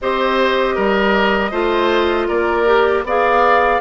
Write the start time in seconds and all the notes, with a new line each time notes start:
0.01 C4 G4 C5 D#5
0.75 G3 A#4
1.51 A3 F4 C5
2.28 A#3 A#4 D5
2.66 G4
3.04 B3 G#4 D5 F5